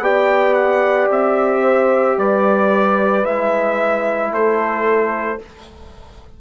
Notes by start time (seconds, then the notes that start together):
0.00 B3 G4 D5 G5
0.54 F#5
1.10 C4 E5
1.62 C5
2.17 G3 B4 D5
3.24 G#3 E4 E5
4.32 A3 A4 C5